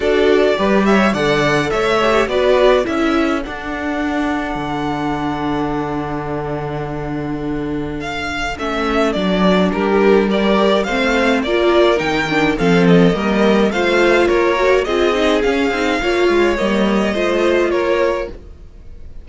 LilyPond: <<
  \new Staff \with { instrumentName = "violin" } { \time 4/4 \tempo 4 = 105 d''4. e''8 fis''4 e''4 | d''4 e''4 fis''2~ | fis''1~ | fis''2 f''4 e''4 |
d''4 ais'4 d''4 f''4 | d''4 g''4 f''8 dis''4. | f''4 cis''4 dis''4 f''4~ | f''4 dis''2 cis''4 | }
  \new Staff \with { instrumentName = "violin" } { \time 4/4 a'4 b'8 cis''8 d''4 cis''4 | b'4 a'2.~ | a'1~ | a'1~ |
a'4 g'4 ais'4 c''4 | ais'2 a'4 ais'4 | c''4 ais'4 gis'2 | cis''2 c''4 ais'4 | }
  \new Staff \with { instrumentName = "viola" } { \time 4/4 fis'4 g'4 a'4. g'8 | fis'4 e'4 d'2~ | d'1~ | d'2. cis'4 |
d'2 g'4 c'4 | f'4 dis'8 d'8 c'4 ais4 | f'4. fis'8 f'8 dis'8 cis'8 dis'8 | f'4 ais4 f'2 | }
  \new Staff \with { instrumentName = "cello" } { \time 4/4 d'4 g4 d4 a4 | b4 cis'4 d'2 | d1~ | d2. a4 |
fis4 g2 a4 | ais4 dis4 f4 g4 | a4 ais4 c'4 cis'8 c'8 | ais8 gis8 g4 a4 ais4 | }
>>